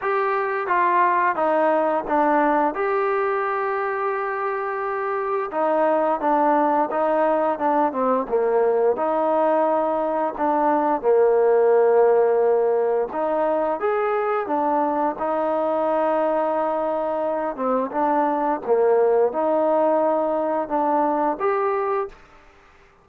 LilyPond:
\new Staff \with { instrumentName = "trombone" } { \time 4/4 \tempo 4 = 87 g'4 f'4 dis'4 d'4 | g'1 | dis'4 d'4 dis'4 d'8 c'8 | ais4 dis'2 d'4 |
ais2. dis'4 | gis'4 d'4 dis'2~ | dis'4. c'8 d'4 ais4 | dis'2 d'4 g'4 | }